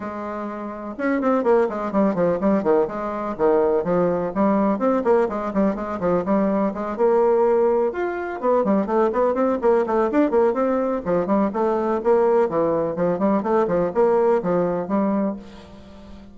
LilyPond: \new Staff \with { instrumentName = "bassoon" } { \time 4/4 \tempo 4 = 125 gis2 cis'8 c'8 ais8 gis8 | g8 f8 g8 dis8 gis4 dis4 | f4 g4 c'8 ais8 gis8 g8 | gis8 f8 g4 gis8 ais4.~ |
ais8 f'4 b8 g8 a8 b8 c'8 | ais8 a8 d'8 ais8 c'4 f8 g8 | a4 ais4 e4 f8 g8 | a8 f8 ais4 f4 g4 | }